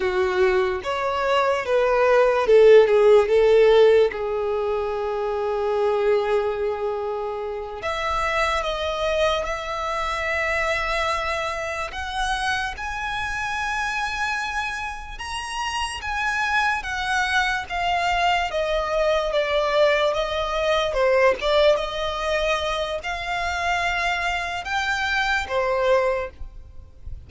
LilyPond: \new Staff \with { instrumentName = "violin" } { \time 4/4 \tempo 4 = 73 fis'4 cis''4 b'4 a'8 gis'8 | a'4 gis'2.~ | gis'4. e''4 dis''4 e''8~ | e''2~ e''8 fis''4 gis''8~ |
gis''2~ gis''8 ais''4 gis''8~ | gis''8 fis''4 f''4 dis''4 d''8~ | d''8 dis''4 c''8 d''8 dis''4. | f''2 g''4 c''4 | }